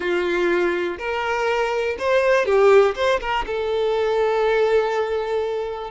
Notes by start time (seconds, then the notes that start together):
0.00 F4
0.98 A#4
1.99 C5
2.45 G4
2.95 C5
3.20 A#4
3.46 A4